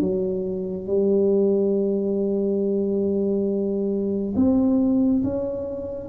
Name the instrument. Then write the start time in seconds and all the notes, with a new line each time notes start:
tuba
0.00 F#3
0.86 G3
4.36 C4
5.23 C#4